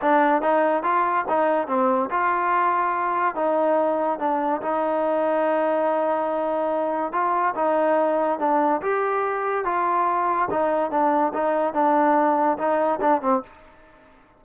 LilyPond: \new Staff \with { instrumentName = "trombone" } { \time 4/4 \tempo 4 = 143 d'4 dis'4 f'4 dis'4 | c'4 f'2. | dis'2 d'4 dis'4~ | dis'1~ |
dis'4 f'4 dis'2 | d'4 g'2 f'4~ | f'4 dis'4 d'4 dis'4 | d'2 dis'4 d'8 c'8 | }